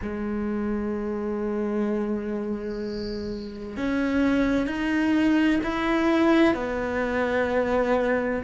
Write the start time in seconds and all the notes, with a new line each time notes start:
0.02 G#3
3.77 C#4
4.66 D#4
5.63 E4
6.54 B3